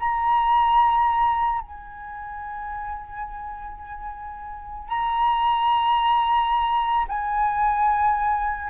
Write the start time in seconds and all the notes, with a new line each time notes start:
0.00 A#5
1.61 G#5
4.88 A#5
7.09 G#5